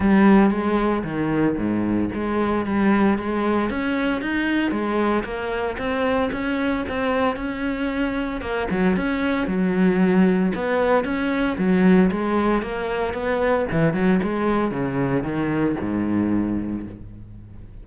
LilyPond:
\new Staff \with { instrumentName = "cello" } { \time 4/4 \tempo 4 = 114 g4 gis4 dis4 gis,4 | gis4 g4 gis4 cis'4 | dis'4 gis4 ais4 c'4 | cis'4 c'4 cis'2 |
ais8 fis8 cis'4 fis2 | b4 cis'4 fis4 gis4 | ais4 b4 e8 fis8 gis4 | cis4 dis4 gis,2 | }